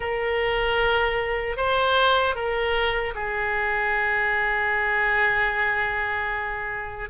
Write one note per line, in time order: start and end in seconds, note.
0.00 1.56 A#4
1.56 2.35 C5
2.35 3.14 A#4
3.14 7.09 G#4